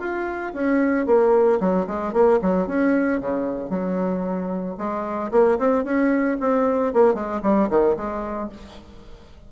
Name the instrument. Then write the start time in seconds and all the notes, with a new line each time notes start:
bassoon
0.00 F4
0.54 C#4
1.07 A#3
1.60 F#3
1.87 G#3
2.13 A#3
2.42 F#3
2.67 C#4
3.21 C#3
3.70 F#3
4.78 G#3
5.32 A#3
5.59 C4
5.85 C#4
6.41 C4
6.93 A#3
7.14 G#3
7.43 G3
7.70 D#3
7.97 G#3